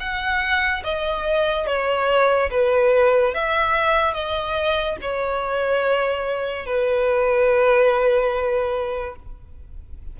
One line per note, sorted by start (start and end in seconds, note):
0.00 0.83 F#5
0.84 1.67 D#5
1.67 2.50 C#5
2.51 3.34 B4
3.34 4.14 E5
4.14 4.97 D#5
5.02 6.66 C#5
6.66 9.16 B4